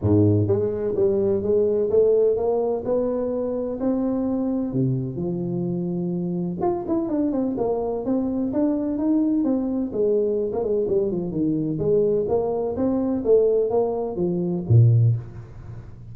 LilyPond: \new Staff \with { instrumentName = "tuba" } { \time 4/4 \tempo 4 = 127 gis,4 gis4 g4 gis4 | a4 ais4 b2 | c'2 c4 f4~ | f2 f'8 e'8 d'8 c'8 |
ais4 c'4 d'4 dis'4 | c'4 gis4~ gis16 ais16 gis8 g8 f8 | dis4 gis4 ais4 c'4 | a4 ais4 f4 ais,4 | }